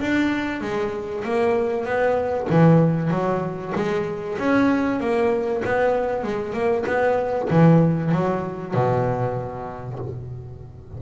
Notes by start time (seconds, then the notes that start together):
0.00 D4
0.61 G#3
1.24 A#3
1.85 B3
2.50 E3
3.11 F#3
3.75 G#3
4.39 C#4
5.00 A#3
5.64 B3
6.23 G#3
6.53 A#3
6.86 B3
7.50 E3
8.12 F#3
8.74 B2